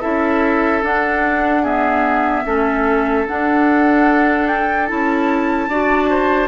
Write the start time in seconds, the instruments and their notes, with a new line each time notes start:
0.00 bassoon C#4, clarinet E4, oboe A4, flute E5
0.82 bassoon D4, clarinet D4, flute F#5
1.62 clarinet B3, oboe G#4, flute E5
2.45 bassoon A3, clarinet C#4, oboe A4
3.27 clarinet D4, bassoon D4, flute F#5
4.47 flute G5
4.86 bassoon C#4, clarinet E4, flute A5
5.68 bassoon D4, clarinet F#4, oboe D5
6.09 oboe C5